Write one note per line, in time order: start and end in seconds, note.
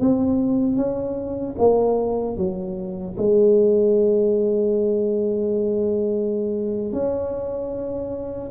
0.00 0.76 C4
0.76 1.55 C#4
1.58 2.37 A#3
2.37 3.16 F#3
3.17 6.92 G#3
6.93 8.50 C#4